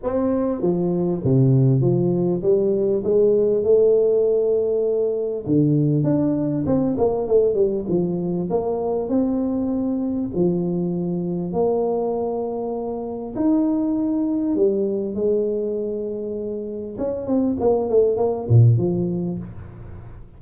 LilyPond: \new Staff \with { instrumentName = "tuba" } { \time 4/4 \tempo 4 = 99 c'4 f4 c4 f4 | g4 gis4 a2~ | a4 d4 d'4 c'8 ais8 | a8 g8 f4 ais4 c'4~ |
c'4 f2 ais4~ | ais2 dis'2 | g4 gis2. | cis'8 c'8 ais8 a8 ais8 ais,8 f4 | }